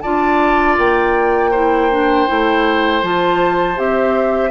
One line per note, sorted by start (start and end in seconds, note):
0.00 0.78 D4
0.00 1.53 F4
0.00 1.50 D5
0.00 0.75 A5
0.78 2.28 A#3
0.78 3.03 G5
1.50 1.91 E4
1.50 4.50 C5
1.91 2.27 D4
2.27 3.02 A3
2.27 3.02 E4
3.02 3.77 F3
3.02 3.75 F4
3.02 3.78 A5
3.75 4.50 C4
3.75 4.50 G4
3.75 4.50 E5